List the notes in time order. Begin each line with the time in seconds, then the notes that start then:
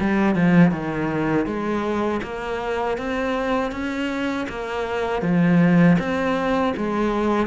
0.00 G3
0.35 F3
0.71 D#3
1.46 G#3
2.23 A#3
2.97 C4
3.72 C#4
4.49 A#3
5.22 F3
5.99 C4
6.77 G#3